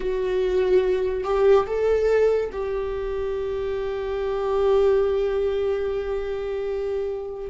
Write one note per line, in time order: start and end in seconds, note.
0.00 1.24 F#4
1.24 1.66 G4
1.66 2.50 A4
2.52 7.50 G4